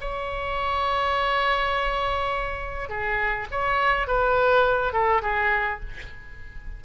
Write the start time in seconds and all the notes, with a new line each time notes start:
0.00 C#5
2.89 G#4
3.51 C#5
4.07 B4
4.92 A4
5.22 G#4